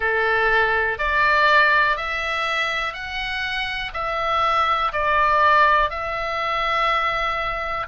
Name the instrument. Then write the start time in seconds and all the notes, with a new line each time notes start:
oboe
0.00 A4
0.98 D5
1.96 E5
2.93 F#5
3.93 E5
4.92 D5
5.90 E5